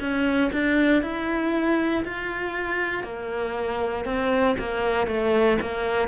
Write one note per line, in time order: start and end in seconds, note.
0.00 0.51 C#4
0.52 1.02 D4
1.02 2.03 E4
2.04 3.03 F4
3.03 4.05 A#3
4.05 4.56 C4
4.59 5.07 A#3
5.07 5.57 A3
5.61 6.08 A#3